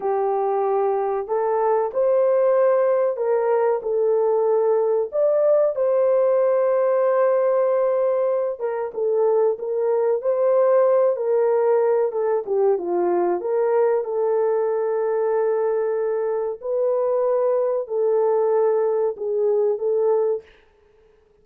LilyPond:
\new Staff \with { instrumentName = "horn" } { \time 4/4 \tempo 4 = 94 g'2 a'4 c''4~ | c''4 ais'4 a'2 | d''4 c''2.~ | c''4. ais'8 a'4 ais'4 |
c''4. ais'4. a'8 g'8 | f'4 ais'4 a'2~ | a'2 b'2 | a'2 gis'4 a'4 | }